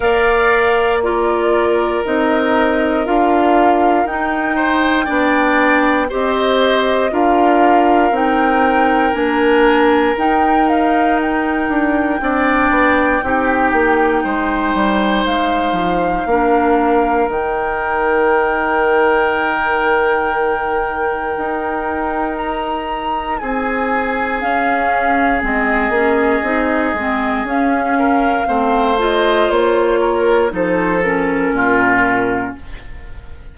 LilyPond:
<<
  \new Staff \with { instrumentName = "flute" } { \time 4/4 \tempo 4 = 59 f''4 d''4 dis''4 f''4 | g''2 dis''4 f''4 | g''4 gis''4 g''8 f''8 g''4~ | g''2. f''4~ |
f''4 g''2.~ | g''2 ais''4 gis''4 | f''4 dis''2 f''4~ | f''8 dis''8 cis''4 c''8 ais'4. | }
  \new Staff \with { instrumentName = "oboe" } { \time 4/4 d''4 ais'2.~ | ais'8 c''8 d''4 c''4 ais'4~ | ais'1 | d''4 g'4 c''2 |
ais'1~ | ais'2. gis'4~ | gis'2.~ gis'8 ais'8 | c''4. ais'8 a'4 f'4 | }
  \new Staff \with { instrumentName = "clarinet" } { \time 4/4 ais'4 f'4 dis'4 f'4 | dis'4 d'4 g'4 f'4 | dis'4 d'4 dis'2 | d'4 dis'2. |
d'4 dis'2.~ | dis'1 | cis'4 c'8 cis'8 dis'8 c'8 cis'4 | c'8 f'4. dis'8 cis'4. | }
  \new Staff \with { instrumentName = "bassoon" } { \time 4/4 ais2 c'4 d'4 | dis'4 b4 c'4 d'4 | c'4 ais4 dis'4. d'8 | c'8 b8 c'8 ais8 gis8 g8 gis8 f8 |
ais4 dis2.~ | dis4 dis'2 c'4 | cis'4 gis8 ais8 c'8 gis8 cis'4 | a4 ais4 f4 ais,4 | }
>>